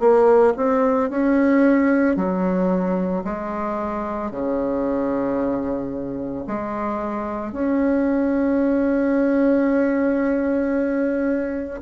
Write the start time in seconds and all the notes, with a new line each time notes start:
0.00 A#3
0.56 C4
1.10 C#4
2.17 F#3
3.24 G#3
4.31 C#3
6.47 G#3
7.52 C#4